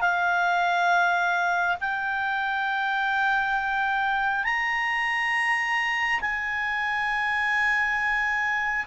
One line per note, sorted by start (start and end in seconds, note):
0.00 1.76 F5
1.80 4.44 G5
4.44 6.20 A#5
6.20 8.85 G#5